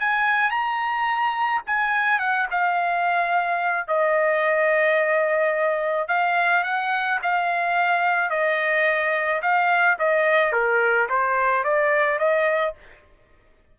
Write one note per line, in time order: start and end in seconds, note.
0.00 0.51 G#5
0.51 1.62 A#5
1.66 2.19 G#5
2.19 2.47 F#5
2.51 3.88 F5
3.88 6.08 D#5
6.08 6.64 F5
6.64 7.19 F#5
7.22 8.30 F5
8.30 9.41 D#5
9.42 9.98 F5
9.99 10.53 D#5
10.53 11.08 A#4
11.09 11.64 C5
11.64 12.19 D5
12.19 12.74 D#5